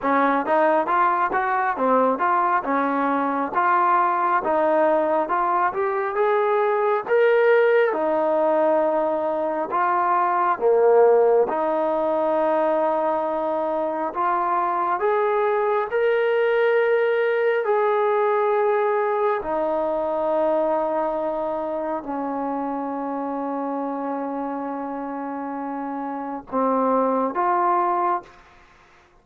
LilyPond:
\new Staff \with { instrumentName = "trombone" } { \time 4/4 \tempo 4 = 68 cis'8 dis'8 f'8 fis'8 c'8 f'8 cis'4 | f'4 dis'4 f'8 g'8 gis'4 | ais'4 dis'2 f'4 | ais4 dis'2. |
f'4 gis'4 ais'2 | gis'2 dis'2~ | dis'4 cis'2.~ | cis'2 c'4 f'4 | }